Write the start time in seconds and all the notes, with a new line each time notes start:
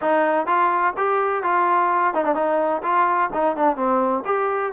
0.01 D#4
0.46 F4
0.96 G4
1.43 F4
2.13 D#4
2.24 D4
2.34 D#4
2.82 F4
3.33 D#4
3.56 D4
3.76 C4
4.25 G4